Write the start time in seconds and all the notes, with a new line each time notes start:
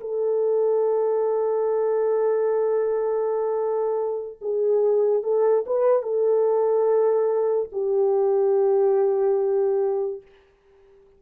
0.00 A4
4.41 G#4
5.23 A4
5.66 B4
6.02 A4
7.72 G4